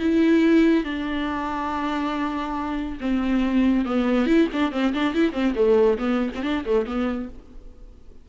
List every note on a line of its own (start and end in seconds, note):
0.00 0.85 E4
0.85 2.99 D4
3.01 3.86 C4
3.86 4.27 B3
4.27 4.48 E4
4.53 4.72 D4
4.72 4.94 C4
4.94 5.14 D4
5.14 5.33 E4
5.33 5.54 C4
5.56 5.99 A3
5.99 6.31 B3
6.36 6.43 C4
6.43 6.65 D4
6.66 6.87 A3
6.87 7.30 B3